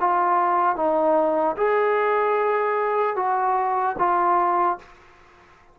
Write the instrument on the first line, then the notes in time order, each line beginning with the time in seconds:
trombone
0.00 F4
0.76 D#4
1.57 G#4
3.16 F#4
3.99 F4